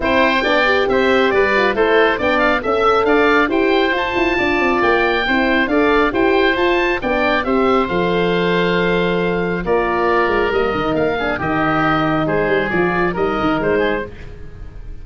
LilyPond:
<<
  \new Staff \with { instrumentName = "oboe" } { \time 4/4 \tempo 4 = 137 g''2 e''4 d''4 | c''4 g''8 f''8 e''4 f''4 | g''4 a''2 g''4~ | g''4 f''4 g''4 a''4 |
g''4 e''4 f''2~ | f''2 d''2 | dis''4 f''4 dis''2 | c''4 d''4 dis''4 c''4 | }
  \new Staff \with { instrumentName = "oboe" } { \time 4/4 c''4 d''4 c''4 b'4 | a'4 d''4 e''4 d''4 | c''2 d''2 | c''4 d''4 c''2 |
d''4 c''2.~ | c''2 ais'2~ | ais'4. gis'8 g'2 | gis'2 ais'4. gis'8 | }
  \new Staff \with { instrumentName = "horn" } { \time 4/4 e'4 d'8 g'2 f'8 | e'4 d'4 a'2 | g'4 f'2. | e'4 a'4 g'4 f'4 |
d'4 g'4 a'2~ | a'2 f'2 | ais8 dis'4 d'8 dis'2~ | dis'4 f'4 dis'2 | }
  \new Staff \with { instrumentName = "tuba" } { \time 4/4 c'4 b4 c'4 g4 | a4 b4 cis'4 d'4 | e'4 f'8 e'8 d'8 c'8 ais4 | c'4 d'4 e'4 f'4 |
b4 c'4 f2~ | f2 ais4. gis8 | g8 dis8 ais4 dis2 | gis8 g8 f4 g8 dis8 gis4 | }
>>